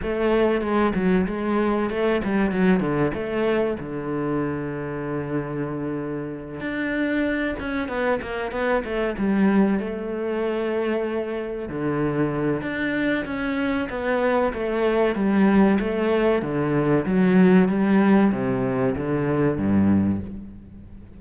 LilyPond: \new Staff \with { instrumentName = "cello" } { \time 4/4 \tempo 4 = 95 a4 gis8 fis8 gis4 a8 g8 | fis8 d8 a4 d2~ | d2~ d8 d'4. | cis'8 b8 ais8 b8 a8 g4 a8~ |
a2~ a8 d4. | d'4 cis'4 b4 a4 | g4 a4 d4 fis4 | g4 c4 d4 g,4 | }